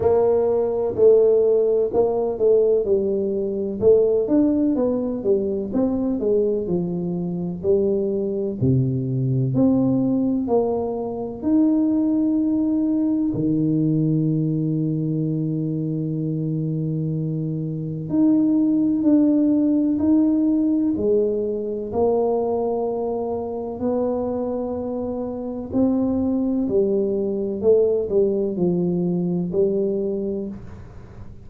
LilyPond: \new Staff \with { instrumentName = "tuba" } { \time 4/4 \tempo 4 = 63 ais4 a4 ais8 a8 g4 | a8 d'8 b8 g8 c'8 gis8 f4 | g4 c4 c'4 ais4 | dis'2 dis2~ |
dis2. dis'4 | d'4 dis'4 gis4 ais4~ | ais4 b2 c'4 | g4 a8 g8 f4 g4 | }